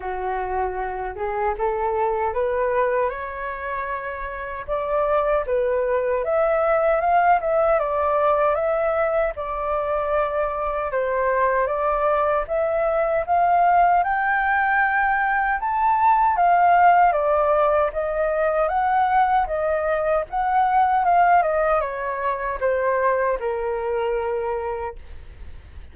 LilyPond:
\new Staff \with { instrumentName = "flute" } { \time 4/4 \tempo 4 = 77 fis'4. gis'8 a'4 b'4 | cis''2 d''4 b'4 | e''4 f''8 e''8 d''4 e''4 | d''2 c''4 d''4 |
e''4 f''4 g''2 | a''4 f''4 d''4 dis''4 | fis''4 dis''4 fis''4 f''8 dis''8 | cis''4 c''4 ais'2 | }